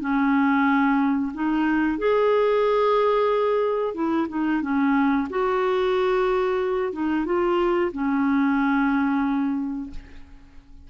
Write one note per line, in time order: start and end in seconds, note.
0.00 1.32 C#4
1.34 1.98 D#4
1.98 3.94 G#4
3.94 4.27 E4
4.29 4.62 D#4
4.62 5.27 C#4
5.30 6.92 F#4
6.92 7.25 D#4
7.25 7.91 F4
7.92 9.90 C#4